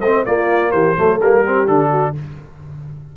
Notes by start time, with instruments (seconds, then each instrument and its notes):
0.00 tuba A3, trombone C4, horn C5, trumpet D#5
0.25 tuba A#3, trombone A#3, horn F4, trumpet D5
0.71 tuba E3, horn G4, trumpet C5
0.96 tuba F#3, trombone A3, horn A4
1.21 tuba G3, trombone A#3, trumpet A#4
1.45 trombone C4, horn G4
1.67 tuba D3, trombone D4, trumpet A4
1.90 horn F#4